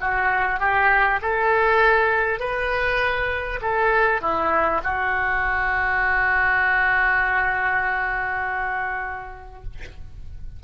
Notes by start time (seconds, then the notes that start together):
0.00 F#4
0.59 G4
1.21 A4
2.39 B4
3.61 A4
4.21 E4
4.83 F#4